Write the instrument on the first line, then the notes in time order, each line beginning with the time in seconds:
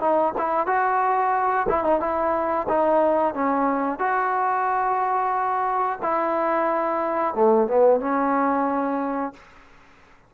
trombone
0.00 D#4
0.38 E4
0.67 F#4
1.69 E4
1.84 D#4
2.00 E4
2.69 D#4
3.35 C#4
3.99 F#4
6.02 E4
7.35 A3
7.68 B3
8.00 C#4